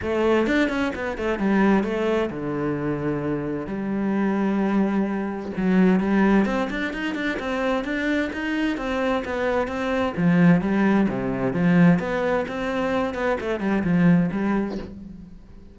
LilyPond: \new Staff \with { instrumentName = "cello" } { \time 4/4 \tempo 4 = 130 a4 d'8 cis'8 b8 a8 g4 | a4 d2. | g1 | fis4 g4 c'8 d'8 dis'8 d'8 |
c'4 d'4 dis'4 c'4 | b4 c'4 f4 g4 | c4 f4 b4 c'4~ | c'8 b8 a8 g8 f4 g4 | }